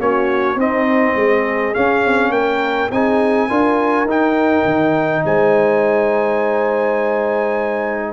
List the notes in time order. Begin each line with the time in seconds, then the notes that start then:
0.00 A#3 C#4 F#4 C#5
0.56 C4 D#4 D#5
1.16 G#3 G#4
1.75 C#4 F5
2.06 C4
2.30 A#3 A#4 G5
2.91 C4 D#4 G#4 G#5
3.48 D4 F4 A#4
4.05 D#4 G5
4.65 D#3
5.25 G#3 C5 G#5